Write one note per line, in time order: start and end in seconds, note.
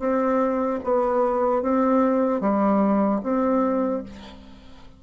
0.00 0.80 C4
0.84 1.63 B3
1.63 2.41 C4
2.41 3.21 G3
3.24 4.04 C4